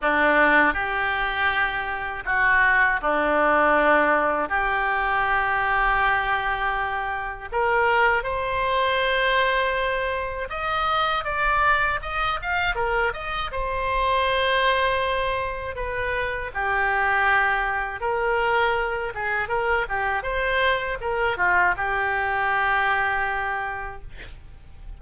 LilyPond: \new Staff \with { instrumentName = "oboe" } { \time 4/4 \tempo 4 = 80 d'4 g'2 fis'4 | d'2 g'2~ | g'2 ais'4 c''4~ | c''2 dis''4 d''4 |
dis''8 f''8 ais'8 dis''8 c''2~ | c''4 b'4 g'2 | ais'4. gis'8 ais'8 g'8 c''4 | ais'8 f'8 g'2. | }